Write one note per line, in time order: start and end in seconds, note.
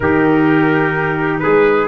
0.00 1.42 D#3
0.00 1.87 D#4
0.00 1.42 G4
0.00 1.39 A#4
1.39 1.87 G#3
1.39 1.87 G#4
1.39 1.86 B4